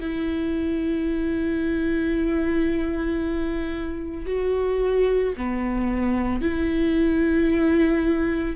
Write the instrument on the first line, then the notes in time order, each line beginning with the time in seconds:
viola
0.00 E4
4.26 F#4
5.37 B3
6.41 E4